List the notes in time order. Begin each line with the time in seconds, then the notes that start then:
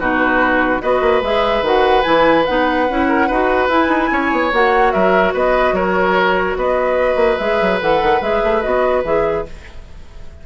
0.00 B2 D#4 F#4 B4
0.82 B3 F#4 B4 D#5
1.01 A#3
1.23 G#3 G#4 E5
1.62 D#3 F#4 F#5
2.03 E3 E4 G#5
2.46 B3 D#4 F#5
2.90 C#4 E4
3.09 A#4
3.28 D#4 F#4 B4
3.69 E4 G#5
3.88 D#4
4.12 C#4 C#5
4.32 B3
4.53 A#3 F#4 F#5
4.92 F#3 A#4 E5
5.34 B3 B4 D#5
5.73 F#3 A#4 C#5
6.57 B3 B4 D#5
7.16 A#3
7.38 G#3 G#4 E5
7.62 F#3
7.81 E3 A4 F#5
8.03 D#3
8.22 G#3 G#4 E5
8.44 A3
8.62 B3 F#4 D#5
9.04 E3 G#4 E5